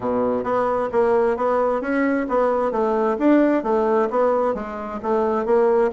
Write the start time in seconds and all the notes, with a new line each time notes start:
0.00 B2
0.43 B3
0.92 A#3
1.36 B3
1.81 C#4
2.28 B3
2.71 A3
3.19 D4
3.63 A3
4.10 B3
4.54 G#3
5.02 A3
5.45 A#3